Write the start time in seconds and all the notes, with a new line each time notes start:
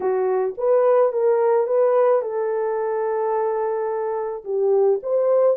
0.00 F#4
0.57 B4
1.12 A#4
1.67 B4
2.21 A4
4.44 G4
5.02 C5